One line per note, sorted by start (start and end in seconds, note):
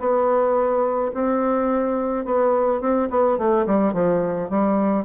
0.00 1.12 B3
1.14 2.26 C4
2.26 2.81 B3
2.81 3.09 C4
3.11 3.38 B3
3.38 3.67 A3
3.67 3.94 G3
3.94 4.50 F3
4.50 5.06 G3